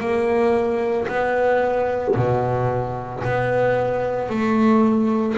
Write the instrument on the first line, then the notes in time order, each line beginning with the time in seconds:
double bass
0.00 A#3
1.09 B3
2.16 B2
3.24 B3
4.30 A3